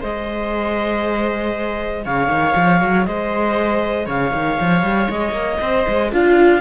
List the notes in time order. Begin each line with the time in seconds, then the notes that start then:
0.00 G#3 G#4 C5 D#5
2.05 C#3 C#5 F5
2.28 D#3
2.56 F3
2.81 F#3
3.05 G#3 C5 D#5
4.06 C#3 C#5 F5
4.34 D#3
4.60 F3
4.83 G3
5.10 G#3 D#5
5.32 A#3
5.61 C4 C5
5.88 G#3
6.12 D4 F4 F5